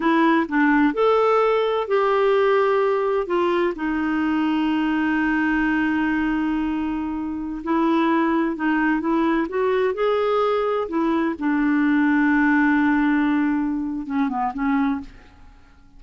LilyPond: \new Staff \with { instrumentName = "clarinet" } { \time 4/4 \tempo 4 = 128 e'4 d'4 a'2 | g'2. f'4 | dis'1~ | dis'1~ |
dis'16 e'2 dis'4 e'8.~ | e'16 fis'4 gis'2 e'8.~ | e'16 d'2.~ d'8.~ | d'2 cis'8 b8 cis'4 | }